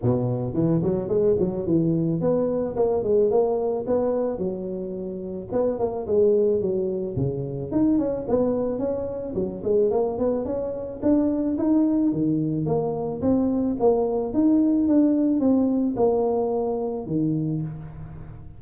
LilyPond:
\new Staff \with { instrumentName = "tuba" } { \time 4/4 \tempo 4 = 109 b,4 e8 fis8 gis8 fis8 e4 | b4 ais8 gis8 ais4 b4 | fis2 b8 ais8 gis4 | fis4 cis4 dis'8 cis'8 b4 |
cis'4 fis8 gis8 ais8 b8 cis'4 | d'4 dis'4 dis4 ais4 | c'4 ais4 dis'4 d'4 | c'4 ais2 dis4 | }